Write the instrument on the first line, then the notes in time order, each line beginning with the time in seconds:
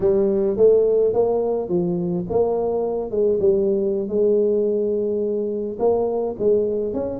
tuba
0.00 G3
0.57 A3
1.13 A#3
1.68 F3
2.29 A#3
3.10 G#3
3.40 G3
4.08 G#3
5.79 A#3
6.38 G#3
6.93 C#4